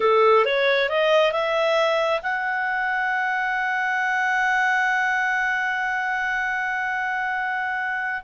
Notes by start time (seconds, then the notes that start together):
0.00 A4
0.45 C#5
0.89 D#5
1.32 E5
2.22 F#5